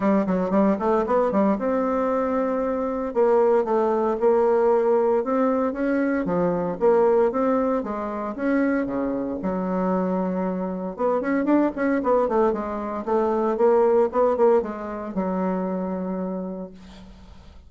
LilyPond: \new Staff \with { instrumentName = "bassoon" } { \time 4/4 \tempo 4 = 115 g8 fis8 g8 a8 b8 g8 c'4~ | c'2 ais4 a4 | ais2 c'4 cis'4 | f4 ais4 c'4 gis4 |
cis'4 cis4 fis2~ | fis4 b8 cis'8 d'8 cis'8 b8 a8 | gis4 a4 ais4 b8 ais8 | gis4 fis2. | }